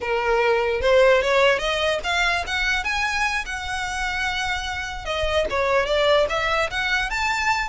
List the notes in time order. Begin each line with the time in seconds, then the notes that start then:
0.01 A#4
0.81 C5
1.22 C#5
1.58 D#5
2.03 F5
2.46 F#5
2.84 G#5
3.45 F#5
5.05 D#5
5.50 C#5
5.85 D5
6.29 E5
6.70 F#5
7.09 A5